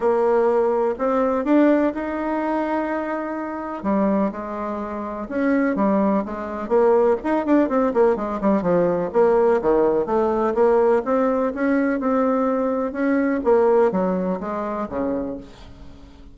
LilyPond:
\new Staff \with { instrumentName = "bassoon" } { \time 4/4 \tempo 4 = 125 ais2 c'4 d'4 | dis'1 | g4 gis2 cis'4 | g4 gis4 ais4 dis'8 d'8 |
c'8 ais8 gis8 g8 f4 ais4 | dis4 a4 ais4 c'4 | cis'4 c'2 cis'4 | ais4 fis4 gis4 cis4 | }